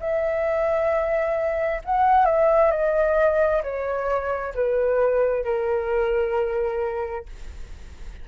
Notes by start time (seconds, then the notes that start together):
0.00 E5
1.84 F#5
2.25 E5
2.71 D#5
3.63 C#5
4.55 B4
5.44 A#4